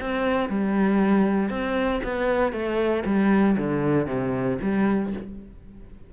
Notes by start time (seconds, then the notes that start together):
0.00 C4
0.49 G3
1.49 C4
2.03 B3
2.52 A3
3.05 G3
3.57 D3
4.06 C3
4.62 G3